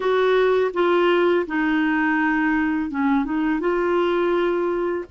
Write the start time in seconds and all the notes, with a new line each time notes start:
0.00 F#4
0.73 F4
1.46 D#4
2.90 C#4
3.24 D#4
3.59 F4